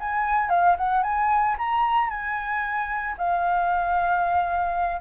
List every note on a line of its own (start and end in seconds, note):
0.00 0.50 G#5
0.50 0.76 F5
0.78 1.03 F#5
1.03 1.56 G#5
1.59 2.10 A#5
2.10 3.16 G#5
3.18 5.01 F5